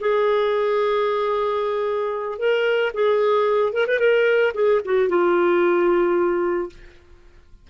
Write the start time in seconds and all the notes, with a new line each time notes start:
0.00 G#4
2.39 A#4
2.94 G#4
3.73 A#4
3.87 B4
3.99 A#4
4.54 G#4
4.85 F#4
5.09 F4